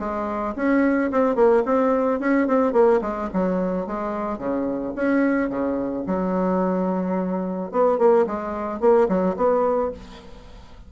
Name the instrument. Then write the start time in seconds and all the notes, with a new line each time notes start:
bassoon
0.00 G#3
0.56 C#4
1.12 C4
1.36 A#3
1.66 C4
2.20 C#4
2.48 C4
2.73 A#3
3.02 G#3
3.34 F#3
3.87 G#3
4.39 C#3
4.96 C#4
5.50 C#3
6.07 F#3
7.72 B3
7.99 A#3
8.27 G#3
8.81 A#3
9.09 F#3
9.37 B3